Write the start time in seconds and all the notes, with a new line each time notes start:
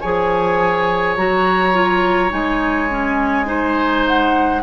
0.00 F3 G#4 C#5 G#5
1.16 F#3 F#4 A#5
1.73 F4
2.30 G#3 D#4 G#5
2.90 C#4
3.45 D#4 C5
4.07 F#5